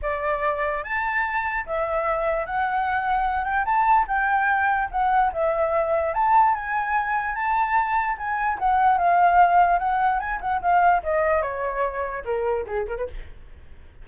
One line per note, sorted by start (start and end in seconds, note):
0.02 0.83 D5
0.83 1.65 A5
1.66 2.46 E5
2.46 3.44 F#5
3.44 3.65 G5
3.65 4.06 A5
4.07 4.89 G5
4.91 5.32 F#5
5.33 6.14 E5
6.14 6.54 A5
6.54 7.35 G#5
7.35 8.17 A5
8.17 8.58 G#5
8.58 8.98 F#5
8.98 9.78 F5
9.78 10.19 F#5
10.19 10.40 G#5
10.40 10.61 F#5
10.61 11.02 F5
11.03 11.42 D#5
11.42 12.23 C#5
12.24 12.65 A#4
12.66 12.86 G#4
12.87 12.97 A#4
12.97 13.07 B4